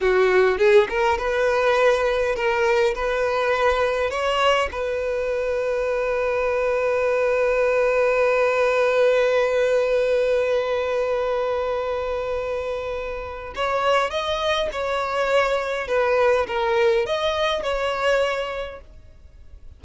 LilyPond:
\new Staff \with { instrumentName = "violin" } { \time 4/4 \tempo 4 = 102 fis'4 gis'8 ais'8 b'2 | ais'4 b'2 cis''4 | b'1~ | b'1~ |
b'1~ | b'2. cis''4 | dis''4 cis''2 b'4 | ais'4 dis''4 cis''2 | }